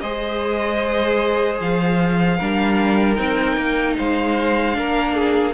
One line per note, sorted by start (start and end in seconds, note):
0.00 1.60 G#3
0.00 2.39 G#4
0.00 2.37 C5
0.00 1.58 D#5
1.60 2.39 F3
1.60 3.15 F5
2.37 3.18 G3
2.37 3.16 D4
2.37 3.95 A#4
3.15 3.57 C4
3.15 4.73 D#4
3.15 3.94 G5
3.57 3.96 A#3
3.98 4.78 G#3
3.98 4.77 C5
3.98 5.54 F5
4.73 5.54 A#3
4.73 5.52 D4
4.73 5.15 A#4
5.15 5.54 G#4